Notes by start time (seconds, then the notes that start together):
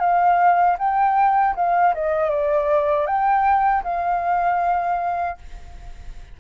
0.00 F5
0.79 G5
1.56 F5
1.95 D#5
2.30 D5
3.07 G5
3.84 F5